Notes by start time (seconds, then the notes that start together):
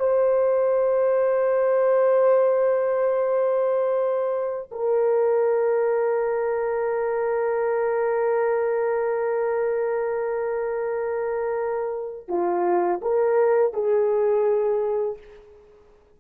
0.00 C5
4.72 A#4
12.29 F4
13.02 A#4
13.74 G#4